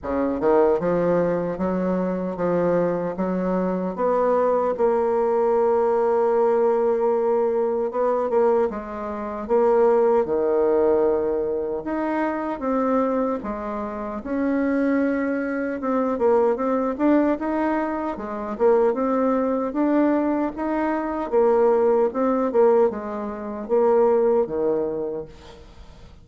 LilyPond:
\new Staff \with { instrumentName = "bassoon" } { \time 4/4 \tempo 4 = 76 cis8 dis8 f4 fis4 f4 | fis4 b4 ais2~ | ais2 b8 ais8 gis4 | ais4 dis2 dis'4 |
c'4 gis4 cis'2 | c'8 ais8 c'8 d'8 dis'4 gis8 ais8 | c'4 d'4 dis'4 ais4 | c'8 ais8 gis4 ais4 dis4 | }